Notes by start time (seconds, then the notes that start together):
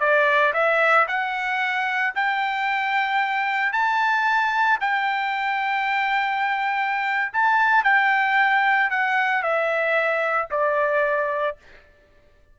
0.00 D5
0.54 E5
1.08 F#5
2.15 G5
3.72 A5
4.81 G5
7.33 A5
7.84 G5
8.90 F#5
9.43 E5
10.51 D5